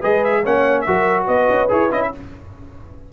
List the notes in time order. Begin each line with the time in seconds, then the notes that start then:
0.00 G#3 G#4 B4 D#5
0.25 E5
0.44 A#3 C#4 C#5 F#5
0.82 F#4 A#4 E5
0.88 F#3
1.27 B3 B4 D#5
1.50 C#4
1.69 E4 G#4 C#5
1.92 C#4 E4 D#5
2.03 E5